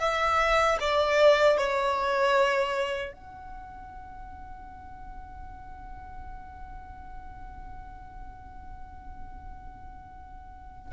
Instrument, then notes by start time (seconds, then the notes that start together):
violin
0.00 E5
0.80 D5
1.57 C#5
3.13 F#5